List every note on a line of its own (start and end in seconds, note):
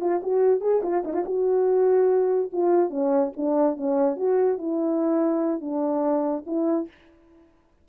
0.00 0.21 F4
0.22 0.60 F#4
0.60 0.81 G#4
0.82 1.03 F4
1.04 1.13 D#4
1.13 1.23 F4
1.25 2.50 F#4
2.52 2.89 F4
2.89 3.31 C#4
3.36 3.76 D4
3.76 4.16 C#4
4.16 4.58 F#4
4.58 5.60 E4
5.60 6.44 D4
6.46 6.88 E4